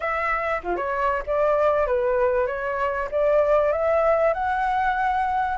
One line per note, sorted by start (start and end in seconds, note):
0.00 0.61 E5
0.63 0.76 F4
0.76 1.23 C#5
1.26 1.86 D5
1.86 2.47 B4
2.47 3.08 C#5
3.11 3.72 D5
3.72 4.33 E5
4.33 5.57 F#5